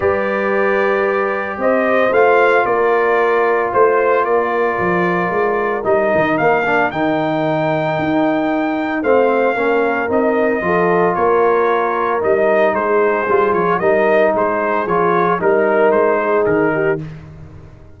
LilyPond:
<<
  \new Staff \with { instrumentName = "trumpet" } { \time 4/4 \tempo 4 = 113 d''2. dis''4 | f''4 d''2 c''4 | d''2. dis''4 | f''4 g''2.~ |
g''4 f''2 dis''4~ | dis''4 cis''2 dis''4 | c''4. cis''8 dis''4 c''4 | cis''4 ais'4 c''4 ais'4 | }
  \new Staff \with { instrumentName = "horn" } { \time 4/4 b'2. c''4~ | c''4 ais'2 c''4 | ais'1~ | ais'1~ |
ais'4 c''4 ais'2 | a'4 ais'2. | gis'2 ais'4 gis'4~ | gis'4 ais'4. gis'4 g'8 | }
  \new Staff \with { instrumentName = "trombone" } { \time 4/4 g'1 | f'1~ | f'2. dis'4~ | dis'8 d'8 dis'2.~ |
dis'4 c'4 cis'4 dis'4 | f'2. dis'4~ | dis'4 f'4 dis'2 | f'4 dis'2. | }
  \new Staff \with { instrumentName = "tuba" } { \time 4/4 g2. c'4 | a4 ais2 a4 | ais4 f4 gis4 g8 dis8 | ais4 dis2 dis'4~ |
dis'4 a4 ais4 c'4 | f4 ais2 g4 | gis4 g8 f8 g4 gis4 | f4 g4 gis4 dis4 | }
>>